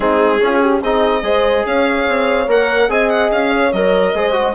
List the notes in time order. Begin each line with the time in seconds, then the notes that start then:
0.00 G#3 C4 D#4 G#4
0.40 C#4 F4
0.61 G4
0.81 C4 D#4 G#4 D#5
1.22 G#3 G#4 C5
1.65 C#4 C#5 F5
2.07 C4
2.47 A#3 A#4 F#5
2.88 C4 G#4 D#5 G#5
3.09 F#5
3.31 C#4 F5
3.49 C#5
3.72 F#3 A#4 D#5
4.14 G#3 G#4 C5
4.32 F#4